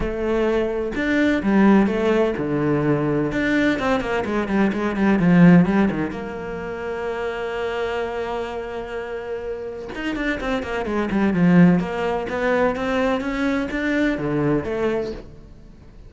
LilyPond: \new Staff \with { instrumentName = "cello" } { \time 4/4 \tempo 4 = 127 a2 d'4 g4 | a4 d2 d'4 | c'8 ais8 gis8 g8 gis8 g8 f4 | g8 dis8 ais2.~ |
ais1~ | ais4 dis'8 d'8 c'8 ais8 gis8 g8 | f4 ais4 b4 c'4 | cis'4 d'4 d4 a4 | }